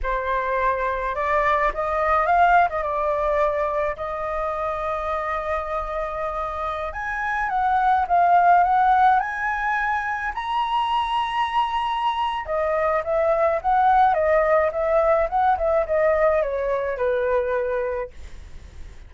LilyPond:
\new Staff \with { instrumentName = "flute" } { \time 4/4 \tempo 4 = 106 c''2 d''4 dis''4 | f''8. dis''16 d''2 dis''4~ | dis''1~ | dis''16 gis''4 fis''4 f''4 fis''8.~ |
fis''16 gis''2 ais''4.~ ais''16~ | ais''2 dis''4 e''4 | fis''4 dis''4 e''4 fis''8 e''8 | dis''4 cis''4 b'2 | }